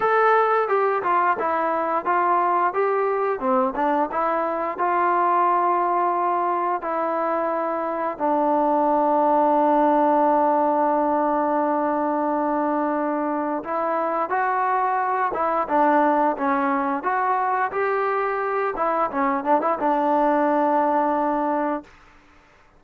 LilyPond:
\new Staff \with { instrumentName = "trombone" } { \time 4/4 \tempo 4 = 88 a'4 g'8 f'8 e'4 f'4 | g'4 c'8 d'8 e'4 f'4~ | f'2 e'2 | d'1~ |
d'1 | e'4 fis'4. e'8 d'4 | cis'4 fis'4 g'4. e'8 | cis'8 d'16 e'16 d'2. | }